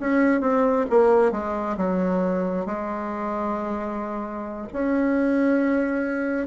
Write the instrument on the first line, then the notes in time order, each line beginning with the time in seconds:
bassoon
0.00 C#4
0.41 C4
0.90 A#3
1.31 G#3
1.77 F#3
2.66 G#3
4.73 C#4